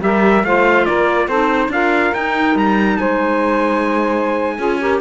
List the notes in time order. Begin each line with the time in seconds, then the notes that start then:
0.00 G3 G4 A#4 E5
0.43 A3 F4 C5 F5
0.85 A#3 A#4 D5
1.27 C4 D#4 A4 C5
1.68 D4 F4 A#4 F5
2.14 D#4 G5
2.55 G3 A#5
2.96 G#3 C5 G#5
4.56 C#4 F4 G#4
4.80 G4 A#4